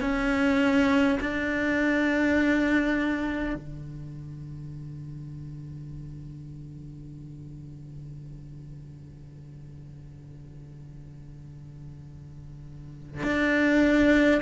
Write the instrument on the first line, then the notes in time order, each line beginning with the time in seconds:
cello
0.00 C#4
1.20 D4
3.55 D3
13.23 D4